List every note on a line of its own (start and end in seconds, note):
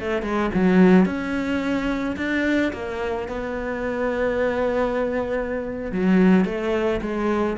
0.00 0.23 A3
0.23 0.51 G#3
0.55 1.06 F#3
1.06 2.17 C#4
2.17 2.72 D4
2.73 3.29 A#3
3.29 5.92 B3
5.92 6.45 F#3
6.45 7.01 A3
7.02 7.58 G#3